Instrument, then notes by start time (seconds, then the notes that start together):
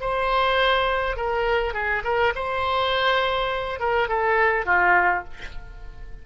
oboe
0.00 C5
1.17 A#4
1.73 G#4
2.04 A#4
2.35 C5
3.79 A#4
4.08 A4
4.65 F4